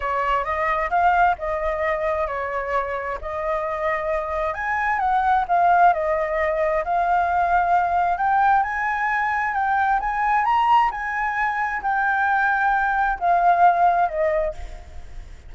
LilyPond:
\new Staff \with { instrumentName = "flute" } { \time 4/4 \tempo 4 = 132 cis''4 dis''4 f''4 dis''4~ | dis''4 cis''2 dis''4~ | dis''2 gis''4 fis''4 | f''4 dis''2 f''4~ |
f''2 g''4 gis''4~ | gis''4 g''4 gis''4 ais''4 | gis''2 g''2~ | g''4 f''2 dis''4 | }